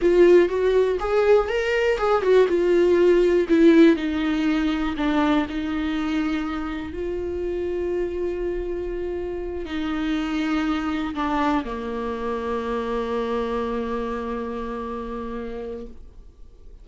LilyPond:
\new Staff \with { instrumentName = "viola" } { \time 4/4 \tempo 4 = 121 f'4 fis'4 gis'4 ais'4 | gis'8 fis'8 f'2 e'4 | dis'2 d'4 dis'4~ | dis'2 f'2~ |
f'2.~ f'8 dis'8~ | dis'2~ dis'8 d'4 ais8~ | ais1~ | ais1 | }